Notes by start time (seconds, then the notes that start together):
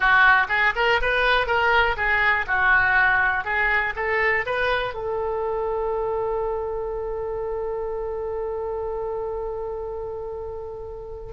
0.00 F#4
0.49 G#4
0.75 A#4
1.01 B4
1.46 A#4
1.96 G#4
2.47 F#4
3.44 G#4
3.96 A4
4.46 B4
4.93 A4